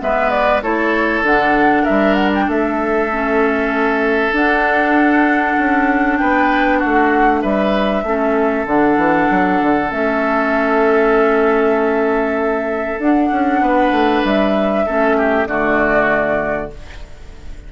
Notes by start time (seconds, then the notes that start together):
0.00 G#3 B3 B4 E5
0.30 D5
0.62 A3 E4 A4 C#5
1.22 D3 D4 F#5
1.83 A#4 E5
1.89 G3
2.14 F#5
2.35 G5
2.47 A3 A4 E5
3.12 C#4
4.32 D4 F#5
5.59 C#4
6.17 B3 B4 G5
6.78 F#4 F#5
6.85 A3
7.42 G3 B4 E5
8.03 A3 C#4 A4
8.66 D3 D4 F#5
8.97 E3
9.31 F#3
9.61 D3
9.89 A3 C#4 E5
12.98 D4 F#5
13.32 C#4
13.61 B3 B4
13.91 A3
14.24 G3 E5
14.86 A3 C#4 A4
15.17 G4
15.46 D3 A3 F#4 D5